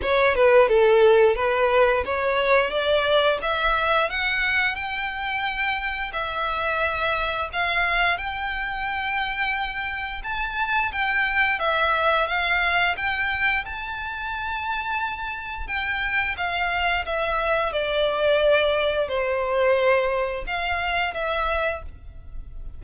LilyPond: \new Staff \with { instrumentName = "violin" } { \time 4/4 \tempo 4 = 88 cis''8 b'8 a'4 b'4 cis''4 | d''4 e''4 fis''4 g''4~ | g''4 e''2 f''4 | g''2. a''4 |
g''4 e''4 f''4 g''4 | a''2. g''4 | f''4 e''4 d''2 | c''2 f''4 e''4 | }